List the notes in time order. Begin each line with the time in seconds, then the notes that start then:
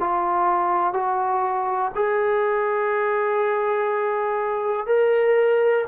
0.00 F4
0.93 F#4
1.95 G#4
4.87 A#4